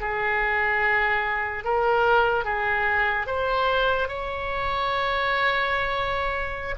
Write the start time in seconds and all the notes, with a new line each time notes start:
0.00 G#4
1.64 A#4
2.44 G#4
3.27 C5
4.08 C#5